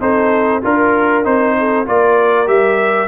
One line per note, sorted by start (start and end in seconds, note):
0.00 0.62 C4
0.00 0.62 D#4
0.00 0.63 A4
0.00 0.63 C5
0.62 1.25 D4
0.62 1.23 F4
0.62 1.57 A#4
0.62 1.25 A#4
1.23 1.87 C4
1.23 1.85 D#4
1.23 1.87 C5
1.59 1.87 A4
1.86 2.48 A#3
1.86 2.46 F4
1.86 3.08 A#4
1.86 2.48 D5
2.46 3.08 G3
2.46 3.08 G4
2.46 3.08 E5